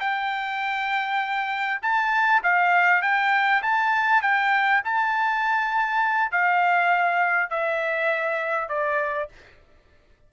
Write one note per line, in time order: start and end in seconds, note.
0.00 1.80 G5
1.82 2.42 A5
2.43 3.02 F5
3.02 3.62 G5
3.62 4.22 A5
4.22 4.82 G5
4.84 6.32 A5
6.32 7.50 F5
7.50 8.69 E5
8.69 9.29 D5